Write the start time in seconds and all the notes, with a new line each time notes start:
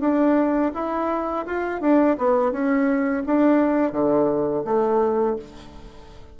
0.00 D4
0.74 E4
1.45 F4
1.81 D4
2.17 B3
2.51 C#4
3.26 D4
3.92 D3
4.64 A3